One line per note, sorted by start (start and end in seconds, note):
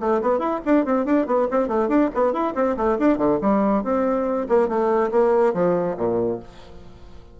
0.00 0.21 A3
0.22 0.39 B3
0.39 0.60 E4
0.65 0.85 D4
0.85 1.05 C4
1.05 1.26 D4
1.26 1.48 B3
1.51 1.68 C4
1.68 1.89 A3
1.89 2.10 D4
2.15 2.33 B3
2.33 2.54 E4
2.55 2.76 C4
2.77 2.98 A3
2.99 3.18 D4
3.18 3.39 D3
3.41 3.84 G3
3.84 4.48 C4
4.49 4.68 A#3
4.68 5.11 A3
5.12 5.54 A#3
5.54 5.97 F3
5.97 6.40 A#2